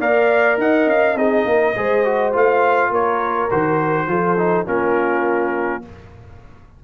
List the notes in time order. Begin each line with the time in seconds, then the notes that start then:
0.00 A#3 A#4 D5 F5
0.58 D#4 D#5 F#5
0.87 C#4 F5
1.16 C4 D#4 G#4 D#5
1.45 A#3 A#4
1.76 G#3 G#4 C5
2.05 F#4
2.33 A3 F4 F5
2.91 A#3 A#4 C#5
3.51 D#3 F#4 C5
4.08 F3 F4 A4
4.38 D#4
4.66 A#3 C#4 F4 A#4